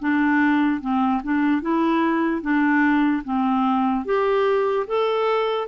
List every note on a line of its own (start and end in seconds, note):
0.00 0.81 D4
0.81 1.22 C4
1.24 1.62 D4
1.62 2.42 E4
2.42 3.23 D4
3.25 4.06 C4
4.06 4.87 G4
4.88 5.68 A4